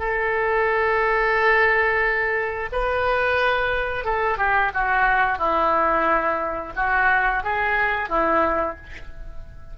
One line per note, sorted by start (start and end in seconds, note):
0.00 2.70 A4
2.72 4.05 B4
4.05 4.38 A4
4.38 4.72 G4
4.74 5.38 F#4
5.38 6.73 E4
6.76 7.44 F#4
7.44 8.09 G#4
8.09 8.77 E4